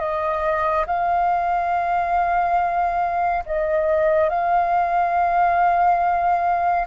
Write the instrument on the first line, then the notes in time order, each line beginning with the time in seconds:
flute
0.00 D#5
0.87 F5
3.46 D#5
4.30 F5